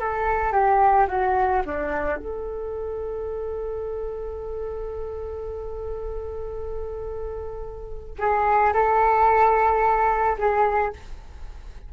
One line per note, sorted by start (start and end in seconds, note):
0.00 0.52 A4
0.52 1.07 G4
1.08 1.63 F#4
1.66 2.17 D4
2.17 8.17 A4
8.19 8.73 G#4
8.73 10.37 A4
10.38 10.93 G#4